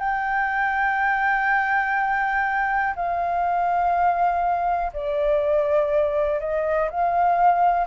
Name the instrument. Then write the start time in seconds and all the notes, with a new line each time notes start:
flute
0.00 G5
2.96 F5
4.94 D5
6.40 D#5
6.90 F5